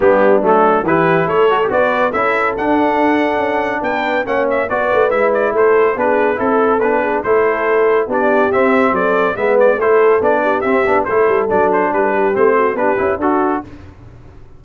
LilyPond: <<
  \new Staff \with { instrumentName = "trumpet" } { \time 4/4 \tempo 4 = 141 g'4 a'4 b'4 cis''4 | d''4 e''4 fis''2~ | fis''4 g''4 fis''8 e''8 d''4 | e''8 d''8 c''4 b'4 a'4 |
b'4 c''2 d''4 | e''4 d''4 e''8 d''8 c''4 | d''4 e''4 c''4 d''8 c''8 | b'4 c''4 b'4 a'4 | }
  \new Staff \with { instrumentName = "horn" } { \time 4/4 d'2 g'4 a'4 | b'4 a'2.~ | a'4 b'4 cis''4 b'4~ | b'4 a'4 gis'4 a'4~ |
a'8 gis'8 a'2 g'4~ | g'4 a'4 b'4 a'4~ | a'8 g'4. a'2 | g'16 a'16 g'4 fis'8 g'4 fis'4 | }
  \new Staff \with { instrumentName = "trombone" } { \time 4/4 b4 a4 e'4. fis'16 g'16 | fis'4 e'4 d'2~ | d'2 cis'4 fis'4 | e'2 d'4 e'4 |
d'4 e'2 d'4 | c'2 b4 e'4 | d'4 c'8 d'8 e'4 d'4~ | d'4 c'4 d'8 e'8 fis'4 | }
  \new Staff \with { instrumentName = "tuba" } { \time 4/4 g4 fis4 e4 a4 | b4 cis'4 d'2 | cis'4 b4 ais4 b8 a8 | gis4 a4 b4 c'4 |
b4 a2 b4 | c'4 fis4 gis4 a4 | b4 c'8 b8 a8 g8 fis4 | g4 a4 b8 cis'8 d'4 | }
>>